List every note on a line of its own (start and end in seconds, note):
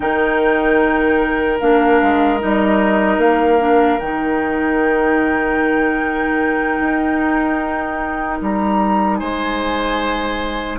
0.00 1.60 D#3
0.00 1.59 D#4
0.00 9.19 A#4
0.00 1.58 G5
1.60 2.01 A#3
1.60 2.39 D4
1.60 2.40 F5
2.02 2.42 G#3
2.39 3.17 G3
2.39 3.59 D#4
2.39 3.19 D#5
3.17 3.97 A#3
3.17 3.99 F5
3.59 3.99 D4
3.99 6.80 D#3
3.99 10.79 D#4
3.99 8.39 G5
6.80 8.40 D#4
8.41 9.21 G3
8.41 9.16 A#5
9.16 10.79 G#3
9.16 10.79 C5
9.16 10.76 G#5